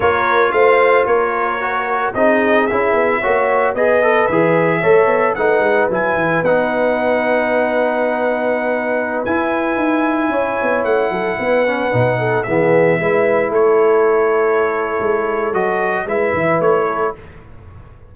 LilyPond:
<<
  \new Staff \with { instrumentName = "trumpet" } { \time 4/4 \tempo 4 = 112 cis''4 f''4 cis''2 | dis''4 e''2 dis''4 | e''2 fis''4 gis''4 | fis''1~ |
fis''4~ fis''16 gis''2~ gis''8.~ | gis''16 fis''2. e''8.~ | e''4~ e''16 cis''2~ cis''8.~ | cis''4 dis''4 e''4 cis''4 | }
  \new Staff \with { instrumentName = "horn" } { \time 4/4 ais'4 c''4 ais'2 | gis'2 cis''4 b'4~ | b'4 cis''4 b'2~ | b'1~ |
b'2.~ b'16 cis''8.~ | cis''8. a'8 b'4. a'8 gis'8.~ | gis'16 b'4 a'2~ a'8.~ | a'2 b'4. a'8 | }
  \new Staff \with { instrumentName = "trombone" } { \time 4/4 f'2. fis'4 | dis'4 e'4 fis'4 gis'8 a'8 | gis'4 a'4 dis'4 e'4 | dis'1~ |
dis'4~ dis'16 e'2~ e'8.~ | e'4.~ e'16 cis'8 dis'4 b8.~ | b16 e'2.~ e'8.~ | e'4 fis'4 e'2 | }
  \new Staff \with { instrumentName = "tuba" } { \time 4/4 ais4 a4 ais2 | c'4 cis'8 b8 ais4 b4 | e4 a8 b8 a8 gis8 fis8 e8 | b1~ |
b4~ b16 e'4 dis'4 cis'8 b16~ | b16 a8 fis8 b4 b,4 e8.~ | e16 gis4 a2~ a8. | gis4 fis4 gis8 e8 a4 | }
>>